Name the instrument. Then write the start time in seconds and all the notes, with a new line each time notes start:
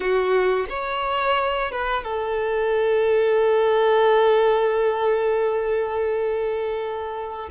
violin
0.00 F#4
0.69 C#5
1.71 B4
2.03 A4